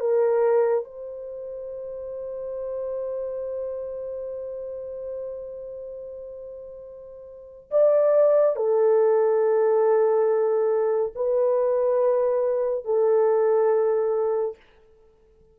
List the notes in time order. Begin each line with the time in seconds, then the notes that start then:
0.00 A#4
0.85 C5
7.71 D5
8.56 A4
11.15 B4
12.85 A4